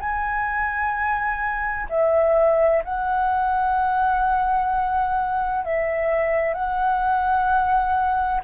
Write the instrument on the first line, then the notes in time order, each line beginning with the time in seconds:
flute
0.00 G#5
1.90 E5
2.85 F#5
5.65 E5
6.55 F#5